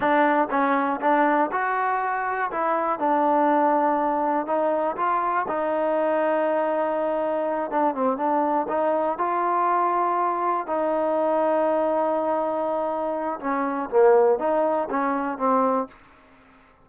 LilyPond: \new Staff \with { instrumentName = "trombone" } { \time 4/4 \tempo 4 = 121 d'4 cis'4 d'4 fis'4~ | fis'4 e'4 d'2~ | d'4 dis'4 f'4 dis'4~ | dis'2.~ dis'8 d'8 |
c'8 d'4 dis'4 f'4.~ | f'4. dis'2~ dis'8~ | dis'2. cis'4 | ais4 dis'4 cis'4 c'4 | }